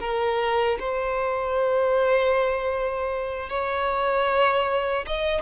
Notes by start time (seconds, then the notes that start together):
0.00 A#4
0.79 C5
3.49 C#5
5.06 D#5